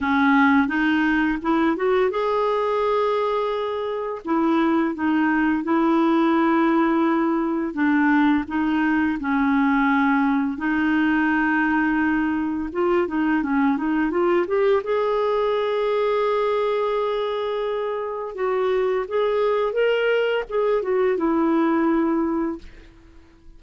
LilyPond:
\new Staff \with { instrumentName = "clarinet" } { \time 4/4 \tempo 4 = 85 cis'4 dis'4 e'8 fis'8 gis'4~ | gis'2 e'4 dis'4 | e'2. d'4 | dis'4 cis'2 dis'4~ |
dis'2 f'8 dis'8 cis'8 dis'8 | f'8 g'8 gis'2.~ | gis'2 fis'4 gis'4 | ais'4 gis'8 fis'8 e'2 | }